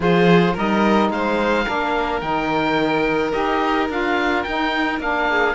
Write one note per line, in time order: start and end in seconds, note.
0.00 0.55 F3
0.00 0.55 F4
0.00 0.53 G#4
0.00 0.57 C5
0.53 1.10 G3
0.53 1.65 D#4
0.53 1.09 A#4
0.53 1.11 D#5
1.10 1.65 G#3
1.10 1.64 C5
1.10 2.20 F5
1.64 2.21 A#3
1.64 2.21 D4
1.64 5.25 A#4
2.20 3.33 D#3
2.20 3.32 D#4
2.20 3.31 G5
3.32 3.89 D#4
3.32 3.87 G4
3.32 3.88 D#5
3.89 4.44 D4
3.89 4.45 F4
3.89 4.43 F5
4.43 4.99 D#4
4.43 5.00 D#4
4.43 4.98 G5
4.99 5.55 A#3
4.99 5.55 D4
4.99 5.55 F5
5.29 5.55 G#4